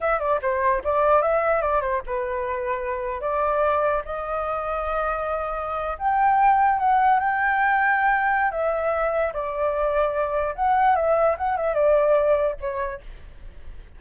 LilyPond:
\new Staff \with { instrumentName = "flute" } { \time 4/4 \tempo 4 = 148 e''8 d''8 c''4 d''4 e''4 | d''8 c''8 b'2. | d''2 dis''2~ | dis''2~ dis''8. g''4~ g''16~ |
g''8. fis''4 g''2~ g''16~ | g''4 e''2 d''4~ | d''2 fis''4 e''4 | fis''8 e''8 d''2 cis''4 | }